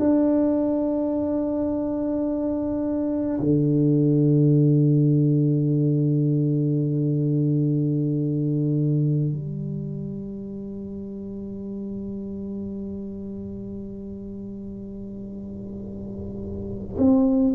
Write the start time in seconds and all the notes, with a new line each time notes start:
0.00 D4
3.40 D3
9.33 G3
16.98 C4